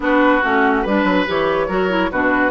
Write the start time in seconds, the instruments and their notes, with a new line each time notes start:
0.00 bassoon B3, clarinet D4, oboe F#4, flute B4
0.43 bassoon A3, clarinet C#4, flute F#4
0.82 bassoon G3, clarinet D4, oboe B4, flute B4
1.03 bassoon F#3
1.26 bassoon E3, clarinet G4, flute C#5
1.68 bassoon F#3, clarinet F#4, oboe A#4
1.89 clarinet E4
2.10 bassoon B2, clarinet D4, oboe F#4, flute B4